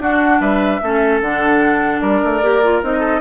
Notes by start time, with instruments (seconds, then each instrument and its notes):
0.00 bassoon D4, clarinet D4, oboe F#4, flute F#5
0.41 bassoon G3, oboe B4, flute E5
0.83 bassoon A3, clarinet C#4, oboe A4
1.21 bassoon D3, clarinet D4, flute F#5
2.01 bassoon G3, oboe A#4, flute D5
2.24 bassoon A3
2.42 bassoon A#3, clarinet G4
2.64 clarinet F4
2.83 bassoon C4, clarinet D#4, flute D#5
3.00 oboe A4